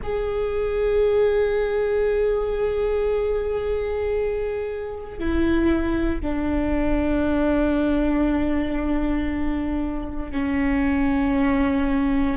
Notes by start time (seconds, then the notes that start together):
0.03 G#4
5.19 E4
6.21 D4
10.31 C#4